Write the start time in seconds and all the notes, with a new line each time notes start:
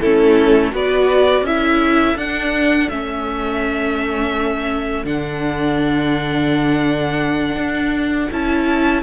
0.00 A3 C#4 E4 A4
0.71 B3 F#4 B4 D5
1.42 C#4 E4 A4 E5
2.16 D4 F#5
2.88 A3 C#4 E5
5.04 D3 D4 F#5
7.56 D4
8.31 C#4 E4 A5